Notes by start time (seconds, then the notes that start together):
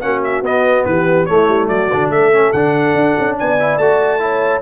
0.00 A#3 C#4 F#4 F#5
0.24 E5
0.42 B3 D#5
0.85 E3 G4 B4
1.26 A3 E4 C#5
1.48 G3
1.68 F#3 F#4 D5
1.92 D3 D4
2.09 A3 A4 E5
2.33 C#4
2.52 D3 D4 F#5
2.95 D4
3.19 C#4
3.38 B3 D5 G#5
3.59 E4
3.77 A3 F#4 A5
4.19 E4 C#5